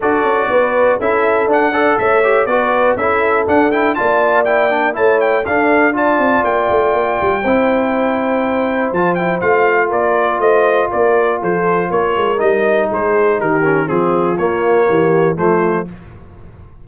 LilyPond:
<<
  \new Staff \with { instrumentName = "trumpet" } { \time 4/4 \tempo 4 = 121 d''2 e''4 fis''4 | e''4 d''4 e''4 fis''8 g''8 | a''4 g''4 a''8 g''8 f''4 | a''4 g''2.~ |
g''2 a''8 g''8 f''4 | d''4 dis''4 d''4 c''4 | cis''4 dis''4 c''4 ais'4 | gis'4 cis''2 c''4 | }
  \new Staff \with { instrumentName = "horn" } { \time 4/4 a'4 b'4 a'4. d''8 | cis''4 b'4 a'2 | d''2 cis''4 a'4 | d''2. c''4~ |
c''1 | ais'4 c''4 ais'4 a'4 | ais'2 gis'4 g'4 | f'2 g'4 f'4 | }
  \new Staff \with { instrumentName = "trombone" } { \time 4/4 fis'2 e'4 d'8 a'8~ | a'8 g'8 fis'4 e'4 d'8 e'8 | f'4 e'8 d'8 e'4 d'4 | f'2. e'4~ |
e'2 f'8 e'8 f'4~ | f'1~ | f'4 dis'2~ dis'8 cis'8 | c'4 ais2 a4 | }
  \new Staff \with { instrumentName = "tuba" } { \time 4/4 d'8 cis'8 b4 cis'4 d'4 | a4 b4 cis'4 d'4 | ais2 a4 d'4~ | d'8 c'8 ais8 a8 ais8 g8 c'4~ |
c'2 f4 a4 | ais4 a4 ais4 f4 | ais8 gis8 g4 gis4 dis4 | f4 ais4 e4 f4 | }
>>